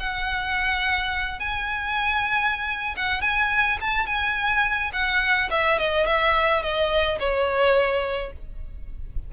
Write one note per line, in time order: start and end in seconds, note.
0.00 1.40 F#5
1.40 2.96 G#5
2.97 3.22 F#5
3.22 3.78 G#5
3.81 4.07 A5
4.07 4.92 G#5
4.93 5.50 F#5
5.51 5.79 E5
5.79 6.07 D#5
6.07 6.63 E5
6.63 7.19 D#5
7.20 8.33 C#5